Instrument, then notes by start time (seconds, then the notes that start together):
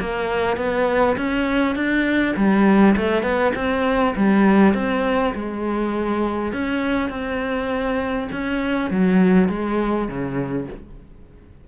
cello
0.00 A#3
0.57 B3
1.16 C#4
1.75 D4
2.36 G3
2.97 A3
3.23 B3
3.55 C4
4.16 G3
4.74 C4
5.34 G#3
6.52 C#4
7.09 C4
8.32 C#4
8.90 F#3
9.49 G#3
10.08 C#3